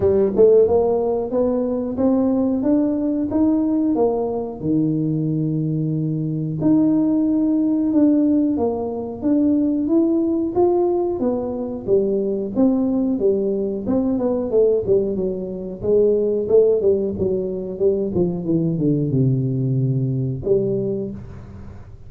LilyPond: \new Staff \with { instrumentName = "tuba" } { \time 4/4 \tempo 4 = 91 g8 a8 ais4 b4 c'4 | d'4 dis'4 ais4 dis4~ | dis2 dis'2 | d'4 ais4 d'4 e'4 |
f'4 b4 g4 c'4 | g4 c'8 b8 a8 g8 fis4 | gis4 a8 g8 fis4 g8 f8 | e8 d8 c2 g4 | }